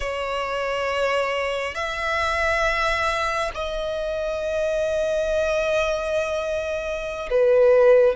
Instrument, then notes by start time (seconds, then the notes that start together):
violin
0.00 C#5
1.74 E5
3.54 D#5
7.30 B4